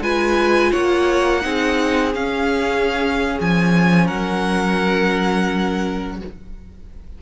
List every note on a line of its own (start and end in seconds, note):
0.00 0.71 G#3
0.00 1.41 F4
0.00 0.71 B4
0.00 0.72 G#5
0.71 1.44 A#3
0.71 1.42 C#5
0.71 2.13 F#5
1.41 2.15 C4
1.41 2.12 D#4
1.41 4.05 G#4
2.14 6.20 C#4
2.14 3.38 C#4
2.14 3.38 F5
3.40 4.10 F3
3.40 4.07 G#5
4.05 6.22 F#3
4.05 6.17 A#4
4.05 6.19 F#5